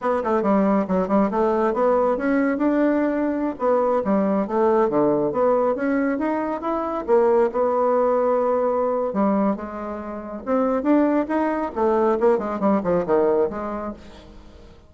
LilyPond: \new Staff \with { instrumentName = "bassoon" } { \time 4/4 \tempo 4 = 138 b8 a8 g4 fis8 g8 a4 | b4 cis'4 d'2~ | d'16 b4 g4 a4 d8.~ | d16 b4 cis'4 dis'4 e'8.~ |
e'16 ais4 b2~ b8.~ | b4 g4 gis2 | c'4 d'4 dis'4 a4 | ais8 gis8 g8 f8 dis4 gis4 | }